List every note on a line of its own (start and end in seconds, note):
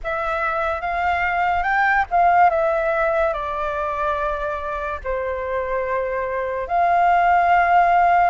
0.03 0.81 E5
0.81 1.62 F5
1.62 2.04 G5
2.11 2.50 F5
2.50 3.33 E5
3.33 5.00 D5
5.03 6.67 C5
6.67 8.30 F5